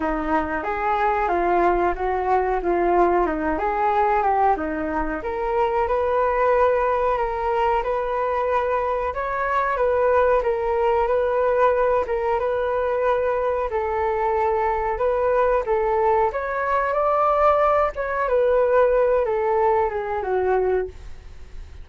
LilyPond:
\new Staff \with { instrumentName = "flute" } { \time 4/4 \tempo 4 = 92 dis'4 gis'4 f'4 fis'4 | f'4 dis'8 gis'4 g'8 dis'4 | ais'4 b'2 ais'4 | b'2 cis''4 b'4 |
ais'4 b'4. ais'8 b'4~ | b'4 a'2 b'4 | a'4 cis''4 d''4. cis''8 | b'4. a'4 gis'8 fis'4 | }